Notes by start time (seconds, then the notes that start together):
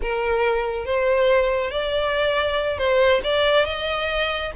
0.02 A#4
0.85 C5
1.70 D5
2.78 C5
3.23 D5
3.65 D#5